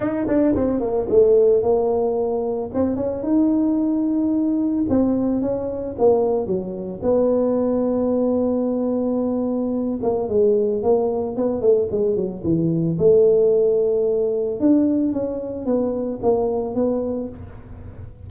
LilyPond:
\new Staff \with { instrumentName = "tuba" } { \time 4/4 \tempo 4 = 111 dis'8 d'8 c'8 ais8 a4 ais4~ | ais4 c'8 cis'8 dis'2~ | dis'4 c'4 cis'4 ais4 | fis4 b2.~ |
b2~ b8 ais8 gis4 | ais4 b8 a8 gis8 fis8 e4 | a2. d'4 | cis'4 b4 ais4 b4 | }